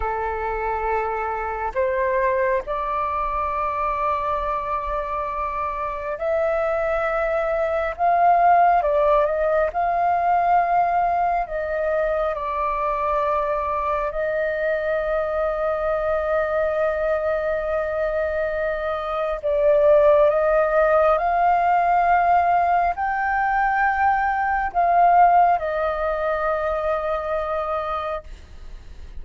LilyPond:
\new Staff \with { instrumentName = "flute" } { \time 4/4 \tempo 4 = 68 a'2 c''4 d''4~ | d''2. e''4~ | e''4 f''4 d''8 dis''8 f''4~ | f''4 dis''4 d''2 |
dis''1~ | dis''2 d''4 dis''4 | f''2 g''2 | f''4 dis''2. | }